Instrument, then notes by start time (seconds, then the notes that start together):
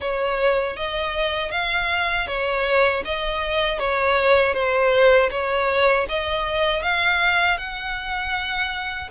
violin
0.00 C#5
0.76 D#5
1.51 F5
2.27 C#5
3.04 D#5
3.79 C#5
4.53 C5
5.31 C#5
6.08 D#5
6.82 F5
7.57 F#5